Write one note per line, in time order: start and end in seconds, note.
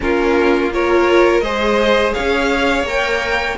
0.00 1.41 A#3
0.00 0.70 C#4
0.00 0.73 F4
0.00 0.72 A#4
0.72 1.43 F4
0.72 1.43 A#4
0.72 1.40 C#5
1.40 2.13 G#3
1.40 2.86 G#4
1.40 2.14 C5
1.40 2.12 D#5
2.14 2.82 C#4
2.14 3.57 C#5
2.14 2.85 F5
2.82 3.54 A#3
2.82 3.57 A#4
2.82 3.57 G5